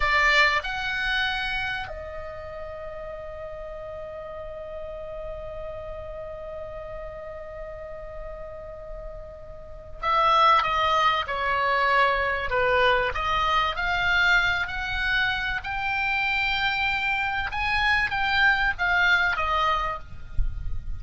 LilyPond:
\new Staff \with { instrumentName = "oboe" } { \time 4/4 \tempo 4 = 96 d''4 fis''2 dis''4~ | dis''1~ | dis''1~ | dis''1 |
e''4 dis''4 cis''2 | b'4 dis''4 f''4. fis''8~ | fis''4 g''2. | gis''4 g''4 f''4 dis''4 | }